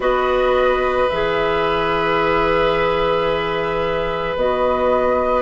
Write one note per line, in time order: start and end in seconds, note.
0.00 1.07 B3
0.00 1.08 F#4
0.00 5.41 B4
0.00 1.09 D#5
1.09 4.36 E3
1.09 4.36 G#4
1.09 4.36 E5
4.36 5.41 B3
4.36 5.41 F#4
4.36 5.41 D#5